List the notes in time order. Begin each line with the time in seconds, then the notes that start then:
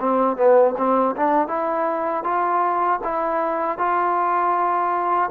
0.00 C4
0.37 B3
0.77 C4
1.16 D4
1.48 E4
2.24 F4
3.04 E4
3.78 F4